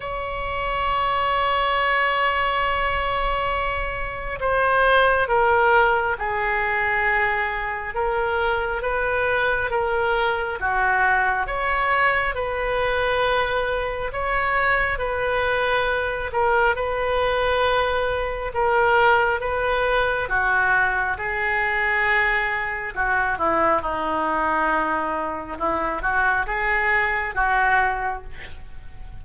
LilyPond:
\new Staff \with { instrumentName = "oboe" } { \time 4/4 \tempo 4 = 68 cis''1~ | cis''4 c''4 ais'4 gis'4~ | gis'4 ais'4 b'4 ais'4 | fis'4 cis''4 b'2 |
cis''4 b'4. ais'8 b'4~ | b'4 ais'4 b'4 fis'4 | gis'2 fis'8 e'8 dis'4~ | dis'4 e'8 fis'8 gis'4 fis'4 | }